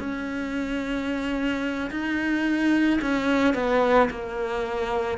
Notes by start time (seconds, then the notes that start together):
0.00 C#4
1.91 D#4
3.02 C#4
3.55 B3
4.11 A#3